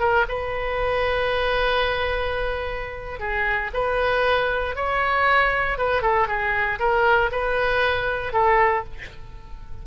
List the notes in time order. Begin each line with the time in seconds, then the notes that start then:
0.00 A#4
0.29 B4
3.20 G#4
3.74 B4
4.76 C#5
5.78 B4
6.02 A4
6.28 G#4
6.79 A#4
7.32 B4
8.33 A4